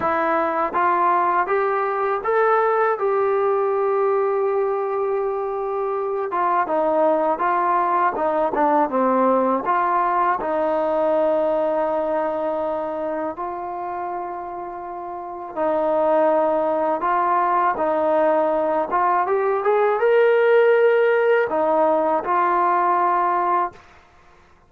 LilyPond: \new Staff \with { instrumentName = "trombone" } { \time 4/4 \tempo 4 = 81 e'4 f'4 g'4 a'4 | g'1~ | g'8 f'8 dis'4 f'4 dis'8 d'8 | c'4 f'4 dis'2~ |
dis'2 f'2~ | f'4 dis'2 f'4 | dis'4. f'8 g'8 gis'8 ais'4~ | ais'4 dis'4 f'2 | }